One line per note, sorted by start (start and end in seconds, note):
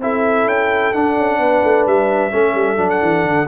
0.00 0.45 C4
0.00 0.94 E4
0.00 1.40 A4
0.00 0.49 E5
0.45 0.91 C#4
0.45 0.93 G5
0.93 2.32 D4
0.93 1.17 D4
0.93 1.86 F#5
1.17 1.39 C#4
1.39 1.62 B3
1.39 2.32 B4
1.64 1.86 A3
1.86 2.32 G3
1.86 2.90 E5
2.32 2.55 A3
2.32 2.77 C#4
2.32 3.49 A4
2.55 2.78 G3
2.77 3.01 F#3
2.77 3.46 D4
2.90 3.48 F#5
3.02 3.24 E3
3.24 3.47 D3